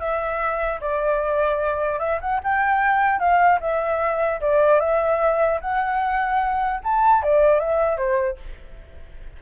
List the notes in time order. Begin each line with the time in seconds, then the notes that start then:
0.00 E5
0.81 D5
2.00 E5
2.21 F#5
2.44 G5
3.20 F5
3.61 E5
4.41 D5
4.81 E5
5.61 F#5
6.84 A5
7.23 D5
7.60 E5
7.98 C5